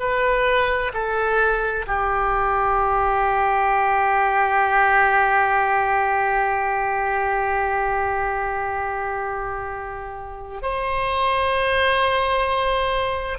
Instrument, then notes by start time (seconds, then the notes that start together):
oboe
0.00 B4
0.94 A4
1.87 G4
10.62 C5